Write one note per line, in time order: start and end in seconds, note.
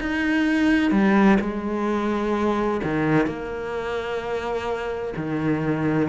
0.00 0.91 D#4
0.91 1.38 G3
1.40 2.81 G#3
2.84 3.26 D#3
3.26 5.14 A#3
5.16 6.09 D#3